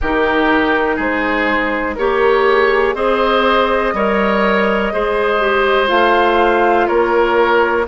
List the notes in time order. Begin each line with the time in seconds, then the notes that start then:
0.01 D#3 D#4 G4 A#4
0.96 G#3 G#4 C5
1.94 A#3 G4 A#4 C#5
2.47 G#4
2.94 C4 G#4 C5 D#5
3.93 G3 A#4 C#5
4.92 G#3 G#4 C5
5.40 G4
5.87 A3 F4 F5
6.87 A#3 A#4 C#5